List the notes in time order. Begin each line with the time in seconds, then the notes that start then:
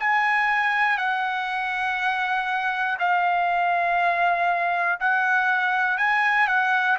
0.00 G#5
0.98 F#5
2.99 F5
5.00 F#5
5.98 G#5
6.47 F#5